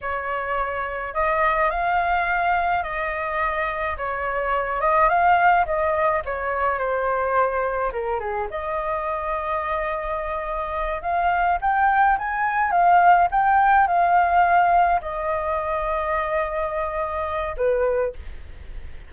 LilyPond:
\new Staff \with { instrumentName = "flute" } { \time 4/4 \tempo 4 = 106 cis''2 dis''4 f''4~ | f''4 dis''2 cis''4~ | cis''8 dis''8 f''4 dis''4 cis''4 | c''2 ais'8 gis'8 dis''4~ |
dis''2.~ dis''8 f''8~ | f''8 g''4 gis''4 f''4 g''8~ | g''8 f''2 dis''4.~ | dis''2. b'4 | }